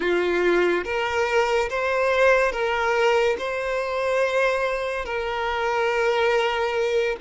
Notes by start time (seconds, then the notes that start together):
0.00 F4
0.84 A#4
1.69 C5
2.51 A#4
3.38 C5
5.05 A#4